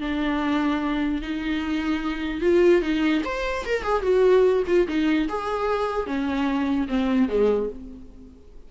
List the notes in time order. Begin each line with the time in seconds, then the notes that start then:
0.00 D4
1.21 D#4
2.41 F4
2.81 D#4
3.24 C5
3.65 A#4
3.83 G#4
4.02 F#4
4.66 F4
4.87 D#4
5.28 G#4
6.06 C#4
6.88 C4
7.28 G#3